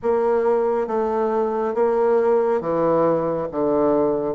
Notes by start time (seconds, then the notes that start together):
0.02 A#3
0.87 A3
1.74 A#3
2.60 E3
3.51 D3